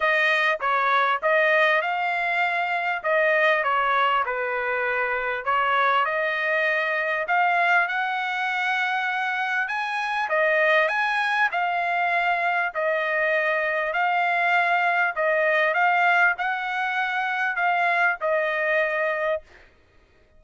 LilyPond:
\new Staff \with { instrumentName = "trumpet" } { \time 4/4 \tempo 4 = 99 dis''4 cis''4 dis''4 f''4~ | f''4 dis''4 cis''4 b'4~ | b'4 cis''4 dis''2 | f''4 fis''2. |
gis''4 dis''4 gis''4 f''4~ | f''4 dis''2 f''4~ | f''4 dis''4 f''4 fis''4~ | fis''4 f''4 dis''2 | }